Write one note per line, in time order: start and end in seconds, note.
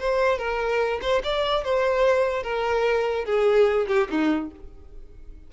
0.00 0.38 C5
0.38 1.00 A#4
1.02 1.23 C5
1.24 1.64 D5
1.64 2.43 C5
2.43 3.25 A#4
3.25 3.87 G#4
3.88 4.08 G4
4.10 4.51 D#4